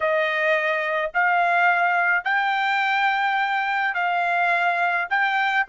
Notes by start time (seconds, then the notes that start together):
0.00 D#5
1.14 F5
2.24 G5
3.94 F5
5.09 G5